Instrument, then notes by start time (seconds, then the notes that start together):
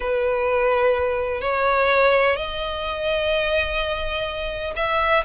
violin
0.00 B4
1.41 C#5
2.35 D#5
4.76 E5